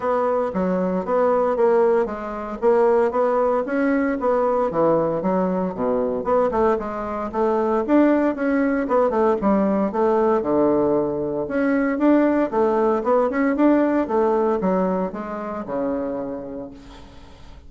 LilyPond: \new Staff \with { instrumentName = "bassoon" } { \time 4/4 \tempo 4 = 115 b4 fis4 b4 ais4 | gis4 ais4 b4 cis'4 | b4 e4 fis4 b,4 | b8 a8 gis4 a4 d'4 |
cis'4 b8 a8 g4 a4 | d2 cis'4 d'4 | a4 b8 cis'8 d'4 a4 | fis4 gis4 cis2 | }